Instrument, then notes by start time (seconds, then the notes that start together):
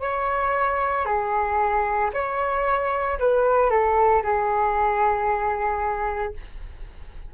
flute
0.00 C#5
1.05 G#4
2.13 C#5
3.19 B4
3.70 A4
4.23 G#4